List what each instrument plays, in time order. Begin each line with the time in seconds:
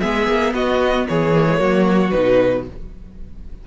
0.00 cello G#3, viola B3, violin G#4 E5
0.27 cello A#3
0.53 cello B3, violin F#4 D#5
1.07 cello E3, violin G#4 C#5
1.33 viola A#3
1.46 viola G#3
1.57 cello F#3, viola A#3, violin F#4
2.10 cello B2, viola D#4, violin B4